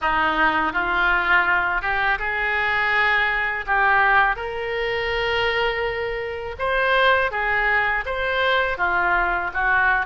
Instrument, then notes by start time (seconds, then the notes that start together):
oboe
0.01 D#4
0.72 F4
1.81 G4
2.19 G#4
3.66 G4
4.35 A#4
6.59 C5
7.31 G#4
8.05 C5
8.77 F4
9.53 F#4